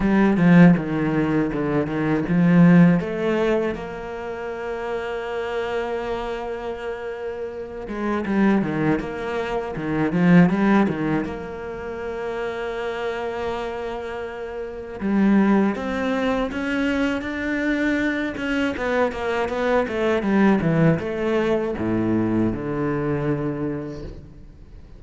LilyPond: \new Staff \with { instrumentName = "cello" } { \time 4/4 \tempo 4 = 80 g8 f8 dis4 d8 dis8 f4 | a4 ais2.~ | ais2~ ais8 gis8 g8 dis8 | ais4 dis8 f8 g8 dis8 ais4~ |
ais1 | g4 c'4 cis'4 d'4~ | d'8 cis'8 b8 ais8 b8 a8 g8 e8 | a4 a,4 d2 | }